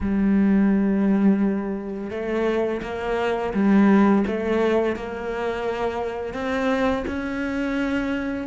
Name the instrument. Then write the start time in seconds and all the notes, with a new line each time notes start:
cello
0.01 G3
2.10 A3
2.82 A#3
3.53 G3
4.27 A3
4.96 A#3
6.33 C4
7.07 C#4